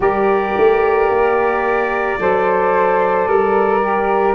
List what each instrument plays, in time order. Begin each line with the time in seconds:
0.00 tuba G3, saxophone G4, flute A#4, trumpet D5
0.57 tuba A3
1.09 tuba A#3
2.19 tuba F#3, saxophone A4, flute C5
3.27 tuba G3, flute A#4
3.80 saxophone G4